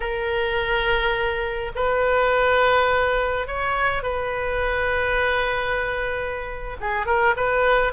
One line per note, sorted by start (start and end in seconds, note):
0.00 1.72 A#4
1.75 3.47 B4
3.47 4.02 C#5
4.02 6.76 B4
6.80 7.05 G#4
7.05 7.34 A#4
7.36 7.92 B4